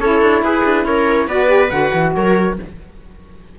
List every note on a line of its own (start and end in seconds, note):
0.00 0.22 C#4
0.00 1.30 E4
0.00 0.43 A4
0.00 0.43 C#5
0.22 0.42 D4
0.42 0.64 E4
0.42 0.87 G#4
0.42 0.86 B4
0.65 0.85 D4
0.85 1.27 C#4
0.85 1.28 A#4
0.85 1.28 C#5
1.27 1.70 B3
1.27 1.47 F#4
1.27 2.13 B4
1.27 1.70 D5
1.47 1.69 G4
1.70 1.92 D3
1.70 2.56 F#4
1.70 2.13 F#5
1.94 2.15 E3
2.16 2.59 F#3
2.16 2.59 A#4
2.16 2.59 C#5